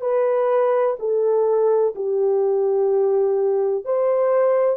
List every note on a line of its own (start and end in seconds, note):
0.00 0.95 B4
0.99 1.94 A4
1.95 3.84 G4
3.84 4.76 C5